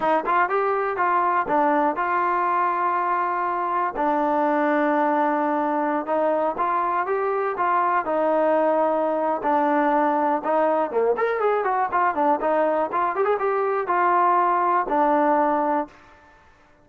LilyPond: \new Staff \with { instrumentName = "trombone" } { \time 4/4 \tempo 4 = 121 dis'8 f'8 g'4 f'4 d'4 | f'1 | d'1~ | d'16 dis'4 f'4 g'4 f'8.~ |
f'16 dis'2~ dis'8. d'4~ | d'4 dis'4 ais8 ais'8 gis'8 fis'8 | f'8 d'8 dis'4 f'8 g'16 gis'16 g'4 | f'2 d'2 | }